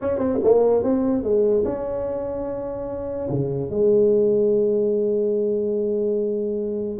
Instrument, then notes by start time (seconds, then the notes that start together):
tuba
0.01 C#4
0.18 C4
0.43 A#3
0.83 C4
1.23 G#3
1.64 C#4
3.29 C#3
3.70 G#3